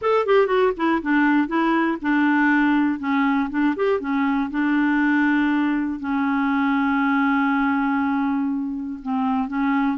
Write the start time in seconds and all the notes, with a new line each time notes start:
0.01 A4
0.25 G4
0.47 F#4
0.76 E4
1.01 D4
1.47 E4
2.01 D4
2.99 C#4
3.50 D4
3.75 G4
4.00 C#4
4.50 D4
5.99 C#4
9.02 C4
9.47 C#4